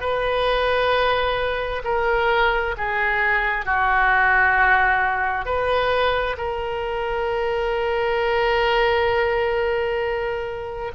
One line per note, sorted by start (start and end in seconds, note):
0.00 1.82 B4
1.84 2.75 A#4
2.77 3.65 G#4
3.65 5.45 F#4
5.45 6.36 B4
6.37 10.92 A#4